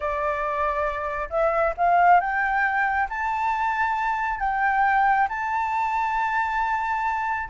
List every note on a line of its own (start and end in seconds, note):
0.00 1.29 D5
1.30 1.74 E5
1.77 2.20 F5
2.20 3.08 G5
3.09 4.39 A5
4.39 5.27 G5
5.28 7.49 A5